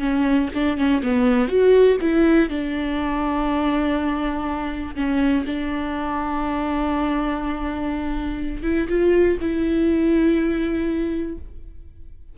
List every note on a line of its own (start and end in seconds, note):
0.00 0.49 C#4
0.55 0.78 D4
0.78 1.02 C#4
1.03 1.48 B3
1.48 1.98 F#4
2.01 2.50 E4
2.50 4.96 D4
4.96 5.45 C#4
5.47 8.63 D4
8.63 8.88 E4
8.89 9.38 F4
9.41 11.38 E4